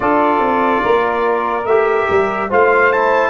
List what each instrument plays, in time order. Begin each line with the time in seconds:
0.00 tuba D4, trombone F4, saxophone A4, trumpet D5
0.39 tuba C4
0.82 tuba A#3, saxophone A#4
1.64 tuba A3, trombone G4, trumpet E5
2.10 tuba G3
2.49 tuba A3, trombone F4, saxophone C5, trumpet F5
2.92 trombone E4, trumpet A5